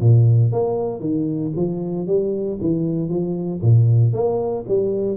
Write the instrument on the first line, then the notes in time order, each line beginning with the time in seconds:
tuba
0.00 A#2
0.52 A#3
1.00 D#3
1.56 F3
2.07 G3
2.61 E3
3.09 F3
3.62 A#2
4.13 A#3
4.68 G3